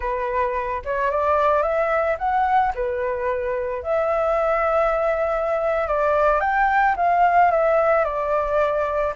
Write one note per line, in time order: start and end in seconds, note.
0.00 0.82 B4
0.85 1.11 C#5
1.11 1.62 D5
1.62 2.17 E5
2.18 2.73 F#5
2.74 3.83 B4
3.83 5.87 E5
5.87 6.40 D5
6.40 6.95 G5
6.96 7.51 F5
7.51 8.04 E5
8.04 9.13 D5